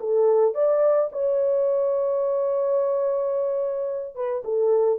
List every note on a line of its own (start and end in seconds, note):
0.00 0.55 A4
0.55 1.10 D5
1.12 4.15 C#5
4.15 4.43 B4
4.44 4.99 A4